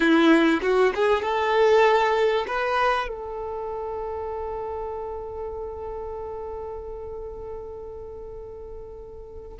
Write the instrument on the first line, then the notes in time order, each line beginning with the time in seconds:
violin
0.00 E4
0.62 F#4
0.94 G#4
1.22 A4
2.47 B4
3.08 A4